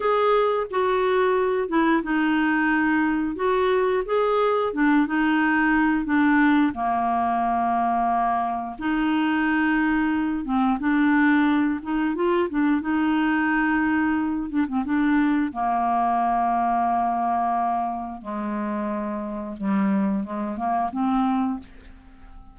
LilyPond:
\new Staff \with { instrumentName = "clarinet" } { \time 4/4 \tempo 4 = 89 gis'4 fis'4. e'8 dis'4~ | dis'4 fis'4 gis'4 d'8 dis'8~ | dis'4 d'4 ais2~ | ais4 dis'2~ dis'8 c'8 |
d'4. dis'8 f'8 d'8 dis'4~ | dis'4. d'16 c'16 d'4 ais4~ | ais2. gis4~ | gis4 g4 gis8 ais8 c'4 | }